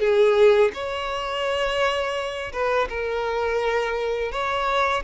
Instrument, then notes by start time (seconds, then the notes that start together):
violin
0.00 G#4
0.74 C#5
2.53 B4
2.89 A#4
4.32 C#5